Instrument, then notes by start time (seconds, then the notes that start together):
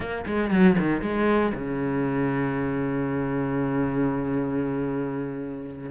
cello
0.00 A#3
0.26 G#3
0.50 F#3
0.78 D#3
1.01 G#3
1.54 C#3